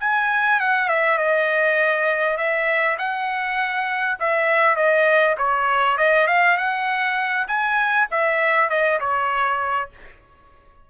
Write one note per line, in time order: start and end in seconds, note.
0.00 0.60 G#5
0.60 0.89 F#5
0.89 1.18 E5
1.18 2.38 D#5
2.38 2.98 E5
2.99 4.19 F#5
4.20 4.76 E5
4.76 5.36 D#5
5.38 5.98 C#5
5.98 6.28 D#5
6.28 6.57 F5
6.57 7.47 F#5
7.48 8.08 G#5
8.11 8.70 E5
8.70 9.00 D#5
9.00 9.90 C#5